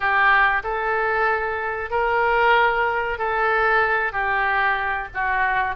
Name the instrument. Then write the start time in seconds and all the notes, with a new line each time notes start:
oboe
0.00 G4
0.63 A4
1.90 A#4
3.18 A4
4.12 G4
5.14 F#4